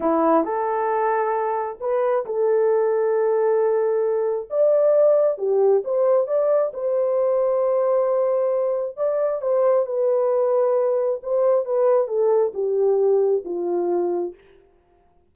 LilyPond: \new Staff \with { instrumentName = "horn" } { \time 4/4 \tempo 4 = 134 e'4 a'2. | b'4 a'2.~ | a'2 d''2 | g'4 c''4 d''4 c''4~ |
c''1 | d''4 c''4 b'2~ | b'4 c''4 b'4 a'4 | g'2 f'2 | }